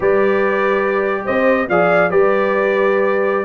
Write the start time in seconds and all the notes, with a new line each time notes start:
0.00 G3 G4 B4 D5
1.25 C4 C5 D#5
1.69 F3 G#4 D5 F5
2.10 G3 G4 B4 D5